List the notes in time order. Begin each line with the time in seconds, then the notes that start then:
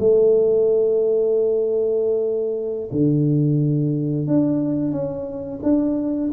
0.00 A3
2.92 D3
4.28 D4
4.92 C#4
5.63 D4